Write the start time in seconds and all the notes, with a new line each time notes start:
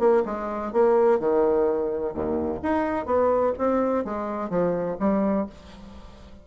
0.00 A#3
0.26 G#3
0.73 A#3
1.20 D#3
2.15 D#2
2.63 D#4
3.06 B3
3.59 C4
4.05 G#3
4.50 F3
5.00 G3